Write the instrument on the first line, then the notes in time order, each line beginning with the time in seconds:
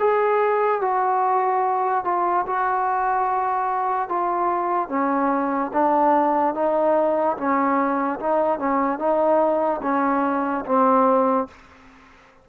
trombone
0.00 G#4
0.81 F#4
2.05 F4
2.47 F#4
4.09 F4
4.89 C#4
5.73 D4
6.55 D#4
7.37 C#4
8.20 D#4
8.59 C#4
8.99 D#4
9.83 C#4
10.66 C4